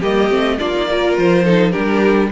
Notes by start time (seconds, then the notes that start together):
0.00 G3 A#3 G4 D#5
0.30 A3 C4
0.59 A#3 D4 F4 D5
0.74 D#4
0.91 F4 A#4
1.18 F3 C5
1.45 D#4 A4
1.71 G3 D4 G4 A#4